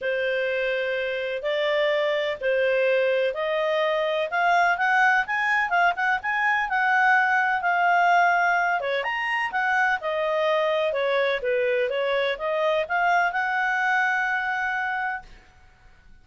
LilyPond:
\new Staff \with { instrumentName = "clarinet" } { \time 4/4 \tempo 4 = 126 c''2. d''4~ | d''4 c''2 dis''4~ | dis''4 f''4 fis''4 gis''4 | f''8 fis''8 gis''4 fis''2 |
f''2~ f''8 cis''8 ais''4 | fis''4 dis''2 cis''4 | b'4 cis''4 dis''4 f''4 | fis''1 | }